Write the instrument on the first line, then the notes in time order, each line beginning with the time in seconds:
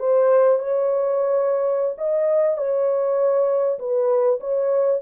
horn
0.00 C5
0.59 C#5
1.98 D#5
2.58 C#5
3.79 B4
4.40 C#5